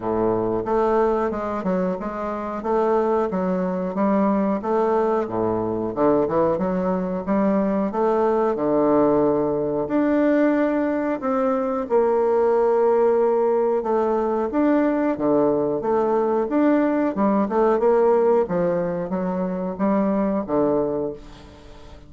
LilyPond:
\new Staff \with { instrumentName = "bassoon" } { \time 4/4 \tempo 4 = 91 a,4 a4 gis8 fis8 gis4 | a4 fis4 g4 a4 | a,4 d8 e8 fis4 g4 | a4 d2 d'4~ |
d'4 c'4 ais2~ | ais4 a4 d'4 d4 | a4 d'4 g8 a8 ais4 | f4 fis4 g4 d4 | }